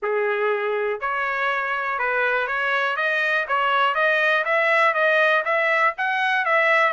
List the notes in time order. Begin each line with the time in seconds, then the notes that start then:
0.02 G#4
1.00 C#5
1.98 B4
2.47 C#5
2.96 D#5
3.48 C#5
3.94 D#5
4.44 E5
4.93 D#5
5.44 E5
5.97 F#5
6.45 E5